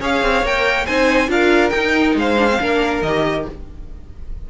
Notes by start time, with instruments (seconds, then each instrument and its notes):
0.00 cello C#4, viola G#4, violin C#5 F5
0.22 cello C4
0.42 cello A#3, viola A#4, violin G5
0.86 cello C4, viola D#4, violin C5 G#5
1.27 cello D4, viola F4, violin A#4 F5
1.70 cello D#4, viola D#4, violin G5
2.15 cello G#3, violin C5 F5
2.38 viola D4
2.49 viola C4
2.60 cello A#3, viola D4, violin A#4
3.02 cello D#3, viola G4, violin D#5